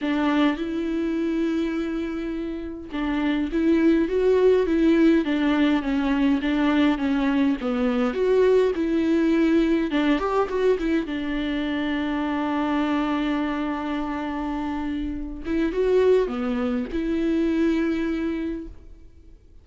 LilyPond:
\new Staff \with { instrumentName = "viola" } { \time 4/4 \tempo 4 = 103 d'4 e'2.~ | e'4 d'4 e'4 fis'4 | e'4 d'4 cis'4 d'4 | cis'4 b4 fis'4 e'4~ |
e'4 d'8 g'8 fis'8 e'8 d'4~ | d'1~ | d'2~ d'8 e'8 fis'4 | b4 e'2. | }